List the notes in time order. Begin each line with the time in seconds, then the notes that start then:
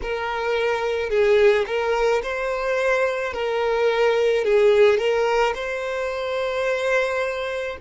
0.02 A#4
1.09 G#4
1.66 A#4
2.22 C5
3.33 A#4
4.44 G#4
4.97 A#4
5.55 C5